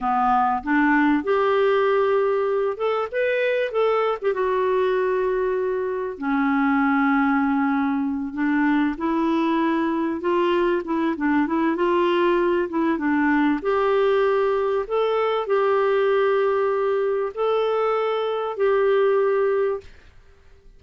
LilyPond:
\new Staff \with { instrumentName = "clarinet" } { \time 4/4 \tempo 4 = 97 b4 d'4 g'2~ | g'8 a'8 b'4 a'8. g'16 fis'4~ | fis'2 cis'2~ | cis'4. d'4 e'4.~ |
e'8 f'4 e'8 d'8 e'8 f'4~ | f'8 e'8 d'4 g'2 | a'4 g'2. | a'2 g'2 | }